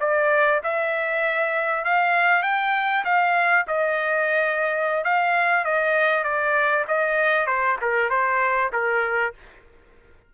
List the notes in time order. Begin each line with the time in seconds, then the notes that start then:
0.00 D5
0.63 E5
1.84 F5
2.42 G5
3.04 F5
3.67 D#5
5.04 F5
5.64 D#5
6.23 D5
6.88 D#5
7.46 C5
7.81 A#4
8.10 C5
8.72 A#4